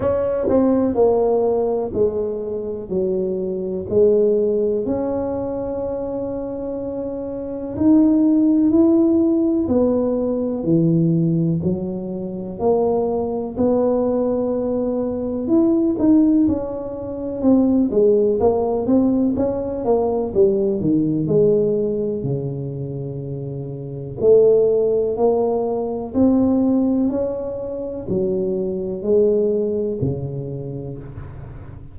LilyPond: \new Staff \with { instrumentName = "tuba" } { \time 4/4 \tempo 4 = 62 cis'8 c'8 ais4 gis4 fis4 | gis4 cis'2. | dis'4 e'4 b4 e4 | fis4 ais4 b2 |
e'8 dis'8 cis'4 c'8 gis8 ais8 c'8 | cis'8 ais8 g8 dis8 gis4 cis4~ | cis4 a4 ais4 c'4 | cis'4 fis4 gis4 cis4 | }